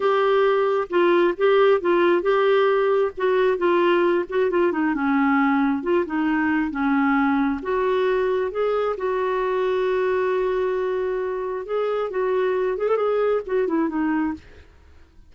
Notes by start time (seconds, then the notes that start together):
0.00 G4
0.89 F4
1.37 G4
1.80 F4
2.22 G4
3.17 F#4
3.57 F4
4.29 F#4
4.50 F4
4.72 D#4
4.94 C#4
5.82 F4
6.05 D#4
6.70 C#4
7.62 F#4
8.51 G#4
8.97 F#4
11.65 G#4
12.10 F#4
12.77 G#4
12.88 A4
12.96 G#4
13.46 F#4
13.67 E4
13.88 D#4